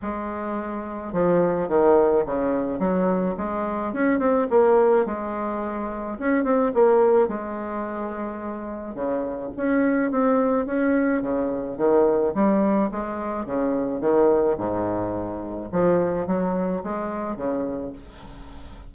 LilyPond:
\new Staff \with { instrumentName = "bassoon" } { \time 4/4 \tempo 4 = 107 gis2 f4 dis4 | cis4 fis4 gis4 cis'8 c'8 | ais4 gis2 cis'8 c'8 | ais4 gis2. |
cis4 cis'4 c'4 cis'4 | cis4 dis4 g4 gis4 | cis4 dis4 gis,2 | f4 fis4 gis4 cis4 | }